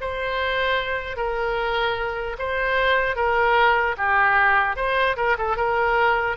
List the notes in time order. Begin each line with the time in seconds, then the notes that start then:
0.00 C5
1.16 A#4
2.38 C5
3.16 A#4
3.97 G4
4.76 C5
5.16 A#4
5.38 A4
5.56 A#4